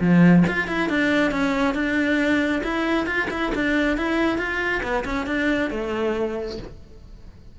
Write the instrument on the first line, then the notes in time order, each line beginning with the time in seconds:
cello
0.00 F3
0.47 F4
0.67 E4
0.89 D4
1.31 C#4
1.74 D4
2.63 E4
3.06 F4
3.30 E4
3.54 D4
3.97 E4
4.38 F4
4.82 B3
5.05 C#4
5.26 D4
5.70 A3